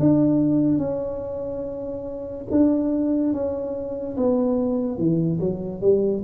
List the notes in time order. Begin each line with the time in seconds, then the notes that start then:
0.00 D4
0.78 C#4
2.51 D4
3.33 C#4
4.17 B3
4.98 E3
5.40 F#3
5.81 G3